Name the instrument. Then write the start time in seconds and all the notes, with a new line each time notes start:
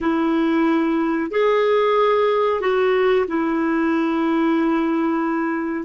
clarinet
0.00 E4
1.30 G#4
2.61 F#4
3.27 E4